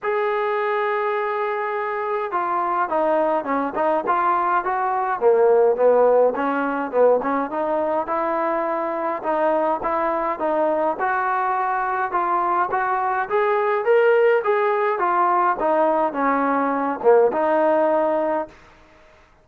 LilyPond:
\new Staff \with { instrumentName = "trombone" } { \time 4/4 \tempo 4 = 104 gis'1 | f'4 dis'4 cis'8 dis'8 f'4 | fis'4 ais4 b4 cis'4 | b8 cis'8 dis'4 e'2 |
dis'4 e'4 dis'4 fis'4~ | fis'4 f'4 fis'4 gis'4 | ais'4 gis'4 f'4 dis'4 | cis'4. ais8 dis'2 | }